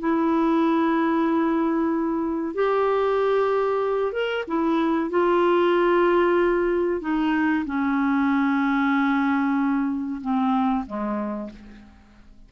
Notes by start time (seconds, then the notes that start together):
0.00 E4
2.55 G4
4.13 A#4
4.48 E4
5.10 F4
7.01 D#4
7.66 C#4
10.22 C4
10.87 G#3